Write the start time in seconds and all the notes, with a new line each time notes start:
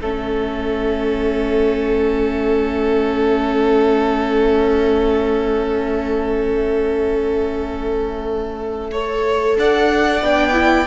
0.00 A3 C#4 A4 E5
8.91 A4 C#5
9.57 D4 D5 F#5
10.21 B3 D4 G5
10.52 E4